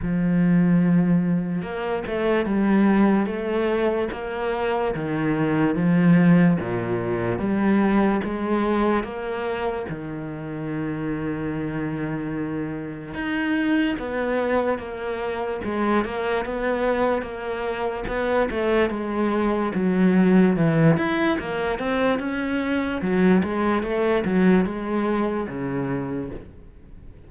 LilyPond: \new Staff \with { instrumentName = "cello" } { \time 4/4 \tempo 4 = 73 f2 ais8 a8 g4 | a4 ais4 dis4 f4 | ais,4 g4 gis4 ais4 | dis1 |
dis'4 b4 ais4 gis8 ais8 | b4 ais4 b8 a8 gis4 | fis4 e8 e'8 ais8 c'8 cis'4 | fis8 gis8 a8 fis8 gis4 cis4 | }